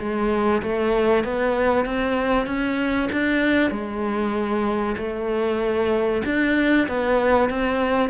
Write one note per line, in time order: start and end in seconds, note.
0.00 0.62 G#3
0.63 1.24 A3
1.24 1.86 B3
1.86 2.47 C4
2.47 3.10 C#4
3.12 3.71 D4
3.71 4.96 G#3
4.98 6.23 A3
6.26 6.88 D4
6.88 7.50 B3
7.50 8.10 C4